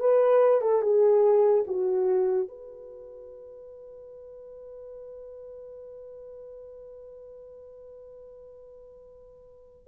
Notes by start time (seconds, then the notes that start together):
0.00 B4
0.62 A4
0.82 G#4
1.67 F#4
2.48 B4